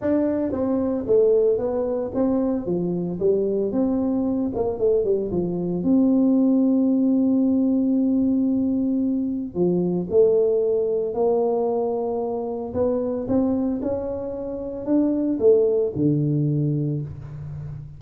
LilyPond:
\new Staff \with { instrumentName = "tuba" } { \time 4/4 \tempo 4 = 113 d'4 c'4 a4 b4 | c'4 f4 g4 c'4~ | c'8 ais8 a8 g8 f4 c'4~ | c'1~ |
c'2 f4 a4~ | a4 ais2. | b4 c'4 cis'2 | d'4 a4 d2 | }